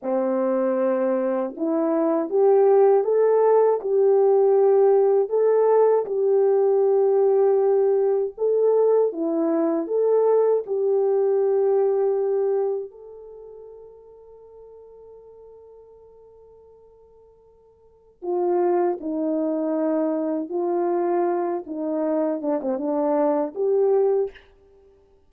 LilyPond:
\new Staff \with { instrumentName = "horn" } { \time 4/4 \tempo 4 = 79 c'2 e'4 g'4 | a'4 g'2 a'4 | g'2. a'4 | e'4 a'4 g'2~ |
g'4 a'2.~ | a'1 | f'4 dis'2 f'4~ | f'8 dis'4 d'16 c'16 d'4 g'4 | }